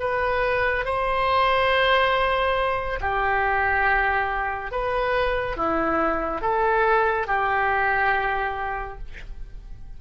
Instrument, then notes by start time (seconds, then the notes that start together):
oboe
0.00 B4
0.85 C5
3.01 G4
4.72 B4
5.57 E4
6.42 A4
7.27 G4